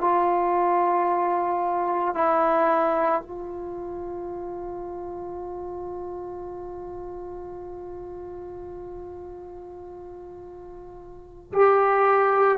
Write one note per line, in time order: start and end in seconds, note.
0.00 2.14 F4
2.14 3.21 E4
3.21 11.52 F4
11.52 12.58 G4